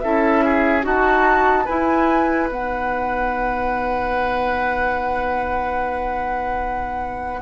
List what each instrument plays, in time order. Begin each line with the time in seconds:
0.00 bassoon C#4, clarinet E4, oboe A4, flute E5
0.45 oboe G#4
0.82 bassoon D#4, clarinet F#4, oboe F#4, flute A5
1.65 clarinet E4, bassoon E4, oboe B4, flute G#5
2.50 bassoon B3, clarinet D#4, flute F#5